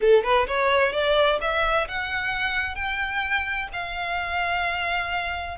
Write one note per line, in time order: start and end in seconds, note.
0.00 0.23 A4
0.23 0.47 B4
0.47 0.92 C#5
0.92 1.39 D5
1.41 1.87 E5
1.88 2.75 F#5
2.75 3.68 G5
3.72 5.57 F5